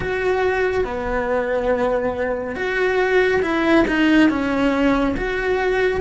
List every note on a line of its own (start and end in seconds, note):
0.00 0.84 F#4
0.84 2.55 B3
2.55 3.41 F#4
3.41 3.84 E4
3.87 4.29 D#4
4.29 5.15 C#4
5.17 6.00 F#4